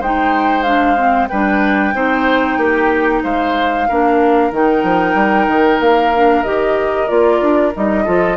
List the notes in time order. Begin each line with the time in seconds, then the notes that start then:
0.00 G#3 D#4 C5 G5
0.63 D4 F5
0.96 C4
1.28 G3 D4 B4 G5
1.94 C4 D#4 C5
2.58 A#3 G4
3.23 G#3 C5 F5
3.89 A#3 D4 A#4
4.52 D#3 D#4 G5
4.83 F3
5.15 G3
5.48 D#3
5.80 A#3 F5
6.14 D4
6.44 D#3 G4 D#5
7.08 A#3 F4 D5
7.42 D4
7.75 G3 D#4 D#5
8.05 F3 F4 A4